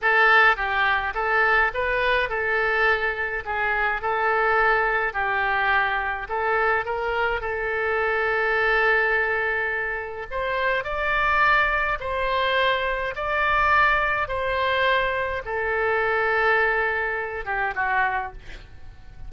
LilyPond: \new Staff \with { instrumentName = "oboe" } { \time 4/4 \tempo 4 = 105 a'4 g'4 a'4 b'4 | a'2 gis'4 a'4~ | a'4 g'2 a'4 | ais'4 a'2.~ |
a'2 c''4 d''4~ | d''4 c''2 d''4~ | d''4 c''2 a'4~ | a'2~ a'8 g'8 fis'4 | }